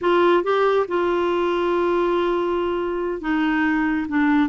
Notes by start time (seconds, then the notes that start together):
0.01 F4
0.43 G4
0.87 F4
3.21 D#4
4.08 D4